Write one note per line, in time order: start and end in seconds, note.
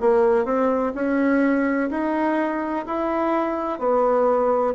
0.00 0.45 A#3
0.45 0.93 C4
0.94 1.90 C#4
1.90 2.85 D#4
2.86 3.79 E4
3.79 4.74 B3